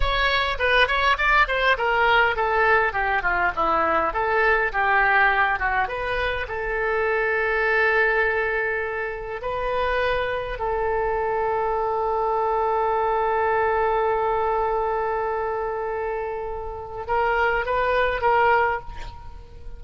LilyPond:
\new Staff \with { instrumentName = "oboe" } { \time 4/4 \tempo 4 = 102 cis''4 b'8 cis''8 d''8 c''8 ais'4 | a'4 g'8 f'8 e'4 a'4 | g'4. fis'8 b'4 a'4~ | a'1 |
b'2 a'2~ | a'1~ | a'1~ | a'4 ais'4 b'4 ais'4 | }